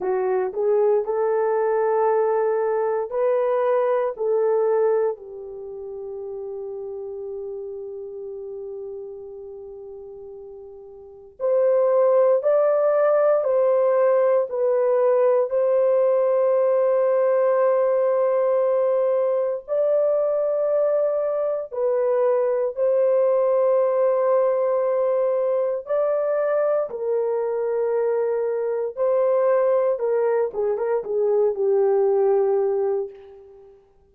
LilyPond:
\new Staff \with { instrumentName = "horn" } { \time 4/4 \tempo 4 = 58 fis'8 gis'8 a'2 b'4 | a'4 g'2.~ | g'2. c''4 | d''4 c''4 b'4 c''4~ |
c''2. d''4~ | d''4 b'4 c''2~ | c''4 d''4 ais'2 | c''4 ais'8 gis'16 ais'16 gis'8 g'4. | }